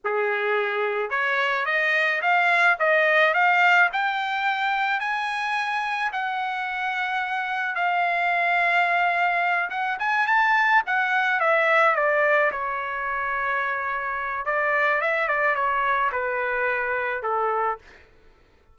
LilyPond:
\new Staff \with { instrumentName = "trumpet" } { \time 4/4 \tempo 4 = 108 gis'2 cis''4 dis''4 | f''4 dis''4 f''4 g''4~ | g''4 gis''2 fis''4~ | fis''2 f''2~ |
f''4. fis''8 gis''8 a''4 fis''8~ | fis''8 e''4 d''4 cis''4.~ | cis''2 d''4 e''8 d''8 | cis''4 b'2 a'4 | }